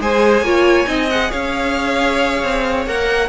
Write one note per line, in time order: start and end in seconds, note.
0.00 0.42 G#3
0.00 0.44 G#4
0.00 0.45 C5
0.00 1.10 G#5
0.42 0.86 A#3
0.42 0.86 F4
0.42 0.89 C#5
0.86 1.31 C4
0.86 1.08 D#4
0.86 1.30 D#5
1.10 2.88 G#4
1.10 1.32 F#5
1.30 2.43 C#4
1.30 3.29 C#5
1.30 2.86 F5
2.43 2.86 C4
2.86 3.29 A#3
2.86 3.29 A#4
2.86 3.29 F#5